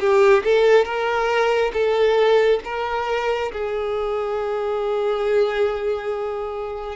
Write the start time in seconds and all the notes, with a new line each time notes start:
0.00 G4
0.44 A4
0.85 A#4
1.73 A4
2.64 A#4
3.52 G#4